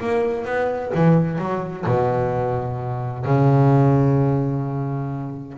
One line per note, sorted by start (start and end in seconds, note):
0.00 0.45 A#3
0.45 0.92 B3
0.95 1.38 E3
1.38 1.85 F#3
1.86 3.25 B2
3.25 5.58 C#3